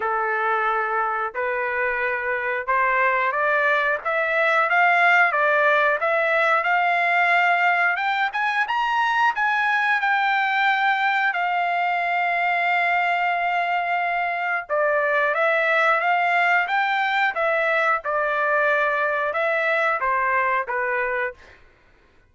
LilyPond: \new Staff \with { instrumentName = "trumpet" } { \time 4/4 \tempo 4 = 90 a'2 b'2 | c''4 d''4 e''4 f''4 | d''4 e''4 f''2 | g''8 gis''8 ais''4 gis''4 g''4~ |
g''4 f''2.~ | f''2 d''4 e''4 | f''4 g''4 e''4 d''4~ | d''4 e''4 c''4 b'4 | }